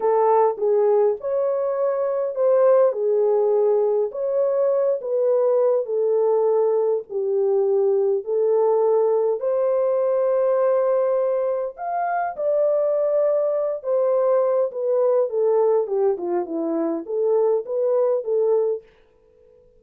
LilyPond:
\new Staff \with { instrumentName = "horn" } { \time 4/4 \tempo 4 = 102 a'4 gis'4 cis''2 | c''4 gis'2 cis''4~ | cis''8 b'4. a'2 | g'2 a'2 |
c''1 | f''4 d''2~ d''8 c''8~ | c''4 b'4 a'4 g'8 f'8 | e'4 a'4 b'4 a'4 | }